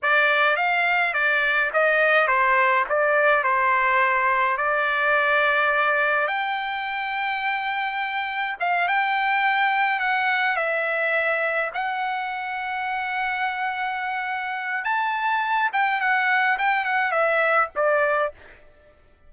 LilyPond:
\new Staff \with { instrumentName = "trumpet" } { \time 4/4 \tempo 4 = 105 d''4 f''4 d''4 dis''4 | c''4 d''4 c''2 | d''2. g''4~ | g''2. f''8 g''8~ |
g''4. fis''4 e''4.~ | e''8 fis''2.~ fis''8~ | fis''2 a''4. g''8 | fis''4 g''8 fis''8 e''4 d''4 | }